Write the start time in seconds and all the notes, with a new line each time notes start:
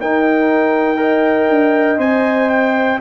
0.00 D#4 A#4 G5
0.96 A#4 D#5
1.49 D4
1.98 C4 C5 G#5
2.49 G5